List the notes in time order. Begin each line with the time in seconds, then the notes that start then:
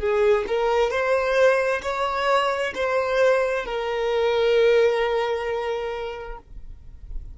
0.00 G#4
0.48 A#4
0.91 C5
1.83 C#5
2.75 C5
3.66 A#4